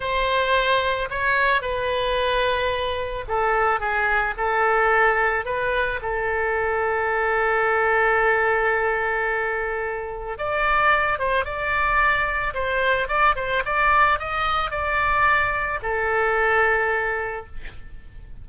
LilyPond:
\new Staff \with { instrumentName = "oboe" } { \time 4/4 \tempo 4 = 110 c''2 cis''4 b'4~ | b'2 a'4 gis'4 | a'2 b'4 a'4~ | a'1~ |
a'2. d''4~ | d''8 c''8 d''2 c''4 | d''8 c''8 d''4 dis''4 d''4~ | d''4 a'2. | }